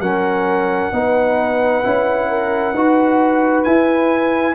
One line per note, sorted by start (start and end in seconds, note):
0.00 0.91 F#3
0.00 0.92 C#4
0.00 0.92 A#4
0.00 3.63 F#5
0.92 1.83 B3
0.92 1.83 D#4
0.92 2.29 B4
1.83 2.74 C#4
1.83 2.74 E4
2.29 2.73 A#4
2.73 3.65 D#4
2.73 3.65 F#4
2.73 4.54 B4
3.63 4.54 E4
3.63 4.54 G#5